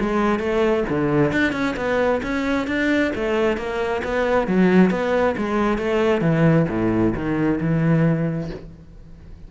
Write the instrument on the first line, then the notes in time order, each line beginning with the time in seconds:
cello
0.00 G#3
0.39 A3
0.89 D3
1.32 D4
1.52 C#4
1.76 B3
2.23 C#4
2.67 D4
3.15 A3
3.57 A#3
4.04 B3
4.47 F#3
4.90 B3
5.37 G#3
5.78 A3
6.21 E3
6.69 A2
7.15 D#3
7.60 E3